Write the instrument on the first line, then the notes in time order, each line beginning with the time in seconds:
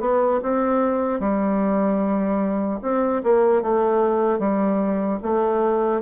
bassoon
0.00 B3
0.42 C4
1.20 G3
2.82 C4
3.23 A#3
3.62 A3
4.39 G3
5.23 A3